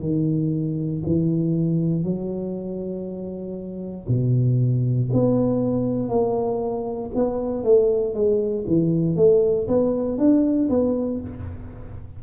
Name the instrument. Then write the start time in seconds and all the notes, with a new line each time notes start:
tuba
0.00 D#3
1.06 E3
2.03 F#3
4.08 B2
5.13 B3
6.09 A#3
7.15 B3
7.64 A3
8.14 G#3
8.67 E3
9.16 A3
9.67 B3
10.18 D4
10.69 B3